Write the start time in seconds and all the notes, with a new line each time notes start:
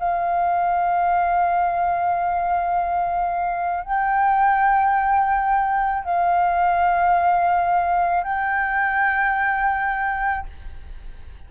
0.00 F5
3.85 G5
6.05 F5
8.24 G5